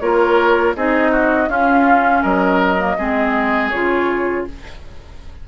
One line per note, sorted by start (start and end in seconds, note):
0.00 0.76 A#3
0.00 0.76 F4
0.00 0.76 A#4
0.00 0.74 C#5
0.76 1.48 C4
0.76 1.49 D#4
0.76 1.12 G#4
0.76 1.50 D#5
1.12 1.49 F#4
1.48 2.23 C#4
1.48 2.78 C#4
1.48 2.23 F4
1.48 2.23 F5
2.23 2.99 F#3
2.23 2.97 A#4
2.23 3.70 D#5
2.79 2.97 A#3
2.99 3.73 G#3
2.99 3.74 C4
2.99 4.47 G#4
3.70 4.48 C#3
3.70 4.48 F4
3.70 4.44 C#5